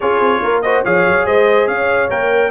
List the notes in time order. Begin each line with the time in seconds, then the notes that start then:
0.00 C#4 F4 G#4 C#5
0.20 C4
0.42 A#3 A#4
0.61 F#4 C5 D#5
0.84 F3 G#4 C#5 F5
1.06 F#3
1.26 G#3 C5 D#5
1.67 C#4 C#5 F5
2.09 A#3 A#4 G5